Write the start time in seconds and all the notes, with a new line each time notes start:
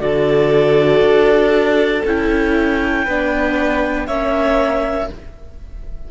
0.00 D3 F#4 A4 D5
1.01 D4
2.06 C#4 E4 G5
3.05 B3 D4 B4
4.07 A#3 C#4 C#5 E5